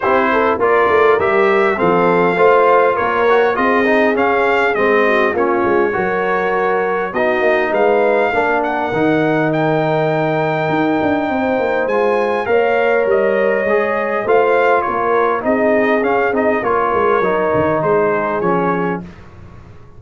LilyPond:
<<
  \new Staff \with { instrumentName = "trumpet" } { \time 4/4 \tempo 4 = 101 c''4 d''4 e''4 f''4~ | f''4 cis''4 dis''4 f''4 | dis''4 cis''2. | dis''4 f''4. fis''4. |
g''1 | gis''4 f''4 dis''2 | f''4 cis''4 dis''4 f''8 dis''8 | cis''2 c''4 cis''4 | }
  \new Staff \with { instrumentName = "horn" } { \time 4/4 g'8 a'8 ais'2 a'4 | c''4 ais'4 gis'2~ | gis'8 fis'8 f'4 ais'2 | fis'4 b'4 ais'2~ |
ais'2. c''4~ | c''4 cis''2. | c''4 ais'4 gis'2 | ais'2 gis'2 | }
  \new Staff \with { instrumentName = "trombone" } { \time 4/4 e'4 f'4 g'4 c'4 | f'4. fis'8 f'8 dis'8 cis'4 | c'4 cis'4 fis'2 | dis'2 d'4 dis'4~ |
dis'1 | f'4 ais'2 gis'4 | f'2 dis'4 cis'8 dis'8 | f'4 dis'2 cis'4 | }
  \new Staff \with { instrumentName = "tuba" } { \time 4/4 c'4 ais8 a8 g4 f4 | a4 ais4 c'4 cis'4 | gis4 ais8 gis8 fis2 | b8 ais8 gis4 ais4 dis4~ |
dis2 dis'8 d'8 c'8 ais8 | gis4 ais4 g4 gis4 | a4 ais4 c'4 cis'8 c'8 | ais8 gis8 fis8 dis8 gis4 f4 | }
>>